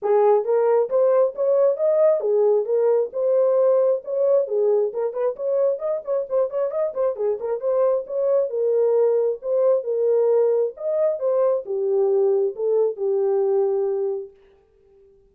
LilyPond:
\new Staff \with { instrumentName = "horn" } { \time 4/4 \tempo 4 = 134 gis'4 ais'4 c''4 cis''4 | dis''4 gis'4 ais'4 c''4~ | c''4 cis''4 gis'4 ais'8 b'8 | cis''4 dis''8 cis''8 c''8 cis''8 dis''8 c''8 |
gis'8 ais'8 c''4 cis''4 ais'4~ | ais'4 c''4 ais'2 | dis''4 c''4 g'2 | a'4 g'2. | }